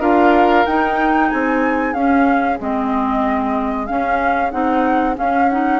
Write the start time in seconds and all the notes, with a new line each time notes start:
0.00 D4 F4 A#4 F5
0.66 D#4 G5
1.28 C4 G#4 G#5
1.94 C#4 F5
2.59 G#3 C4 D#5
3.86 C#4 F5
4.51 C4 D#4 F#5
5.15 C#4 F5
5.49 D#4 F#5